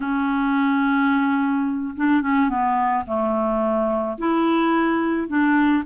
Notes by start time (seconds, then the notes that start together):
0.00 C#4
1.96 D4
2.21 C#4
2.49 B3
3.06 A3
4.18 E4
5.28 D4